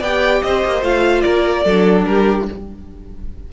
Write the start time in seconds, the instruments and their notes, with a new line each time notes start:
0.00 cello B3, viola G4, violin D5 G5
0.43 cello C4, violin C5 D#5
0.65 cello A#3
0.82 cello A3, viola F4, violin F5
1.22 cello A#3, violin A#4 D5
1.65 cello F#3, viola D4, violin A4
2.06 cello G3, violin G4 A#4